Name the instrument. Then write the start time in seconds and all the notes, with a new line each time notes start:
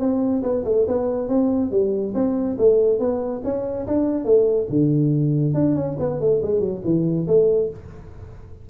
tuba
0.00 C4
0.43 B3
0.65 A3
0.88 B3
1.29 C4
1.71 G3
2.15 C4
2.58 A3
2.99 B3
3.44 C#4
3.87 D4
4.25 A3
4.70 D3
5.54 D4
5.76 C#4
5.99 B3
6.21 A3
6.43 G#3
6.60 F#3
6.85 E3
7.27 A3